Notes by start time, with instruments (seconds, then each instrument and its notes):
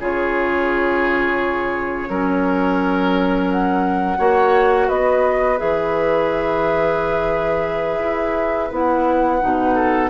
0.00 bassoon C#3, clarinet F4, oboe G#4, flute C#5
2.10 bassoon F#3, clarinet C#4, oboe A#4
3.51 flute F#5
4.19 bassoon A#3, clarinet F#4, oboe C#5
4.89 bassoon B3, oboe B4, flute D#5
5.58 bassoon E3, clarinet G#4, flute E5
7.99 bassoon E4
8.72 bassoon B3, clarinet E4, flute F#5
9.41 bassoon B2, clarinet D#4
9.75 oboe A4